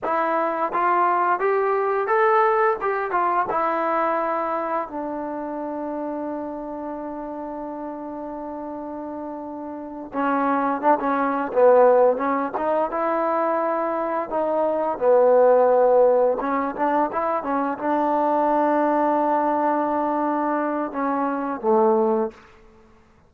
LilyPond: \new Staff \with { instrumentName = "trombone" } { \time 4/4 \tempo 4 = 86 e'4 f'4 g'4 a'4 | g'8 f'8 e'2 d'4~ | d'1~ | d'2~ d'8 cis'4 d'16 cis'16~ |
cis'8 b4 cis'8 dis'8 e'4.~ | e'8 dis'4 b2 cis'8 | d'8 e'8 cis'8 d'2~ d'8~ | d'2 cis'4 a4 | }